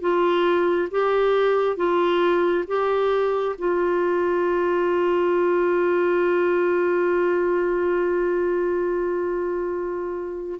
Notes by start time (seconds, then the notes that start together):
0.00 F4
0.91 G4
1.76 F4
2.67 G4
3.58 F4